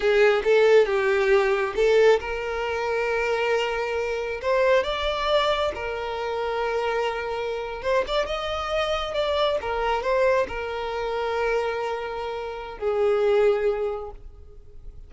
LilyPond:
\new Staff \with { instrumentName = "violin" } { \time 4/4 \tempo 4 = 136 gis'4 a'4 g'2 | a'4 ais'2.~ | ais'2 c''4 d''4~ | d''4 ais'2.~ |
ais'4.~ ais'16 c''8 d''8 dis''4~ dis''16~ | dis''8. d''4 ais'4 c''4 ais'16~ | ais'1~ | ais'4 gis'2. | }